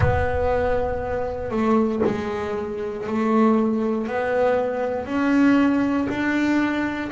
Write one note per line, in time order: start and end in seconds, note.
0.00 1.50 B3
1.50 2.01 A3
2.05 3.06 G#3
3.06 4.07 A3
4.07 5.06 B3
5.06 6.07 C#4
6.09 7.10 D4